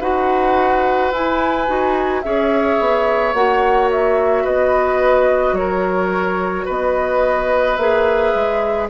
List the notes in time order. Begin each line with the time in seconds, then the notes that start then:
0.00 D#4 F#4 B4 F#5
1.12 E4 G#5
1.67 D#4 F#4
2.22 C#4 G#4 C#5 E5
2.80 B3
3.34 A#3 F#4 F#5
3.91 E5
4.44 B3 B4 D#5
5.52 F#3 C#5
5.58 A#4
6.65 B3 B4 D#5
7.76 A#3 G#4 E5
8.34 G#3